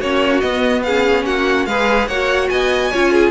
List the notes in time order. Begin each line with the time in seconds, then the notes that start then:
0.00 A#3 C#4 F#4 C#5
0.41 B3 D#5
0.83 C#4 G#4 F5
1.25 A#3 F#4 F#5
1.66 G#3 G#4 B4 F5
2.07 A#3 F#4 C#5 F#5
2.49 B3 D#5 G#5
2.91 C#4 F4 C#5
3.12 G#4